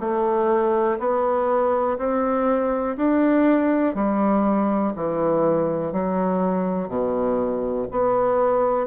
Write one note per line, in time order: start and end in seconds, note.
0.00 0.98 A3
0.99 1.98 B3
1.98 2.96 C4
2.97 3.95 D4
3.95 4.93 G3
4.96 5.92 E3
5.92 6.89 F#3
6.89 7.87 B2
7.91 8.87 B3